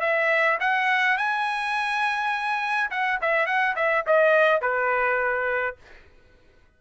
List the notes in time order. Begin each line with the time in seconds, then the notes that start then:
0.00 E5
0.60 F#5
1.17 G#5
2.91 F#5
3.21 E5
3.46 F#5
3.76 E5
4.06 D#5
4.61 B4